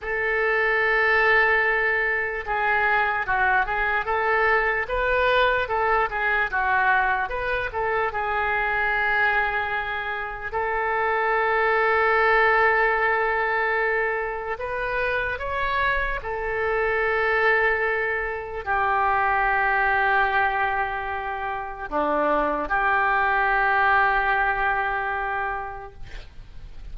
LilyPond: \new Staff \with { instrumentName = "oboe" } { \time 4/4 \tempo 4 = 74 a'2. gis'4 | fis'8 gis'8 a'4 b'4 a'8 gis'8 | fis'4 b'8 a'8 gis'2~ | gis'4 a'2.~ |
a'2 b'4 cis''4 | a'2. g'4~ | g'2. d'4 | g'1 | }